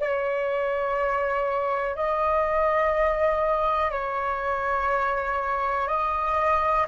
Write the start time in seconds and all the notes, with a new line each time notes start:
0.00 C#5
1.96 D#5
3.91 C#5
5.88 D#5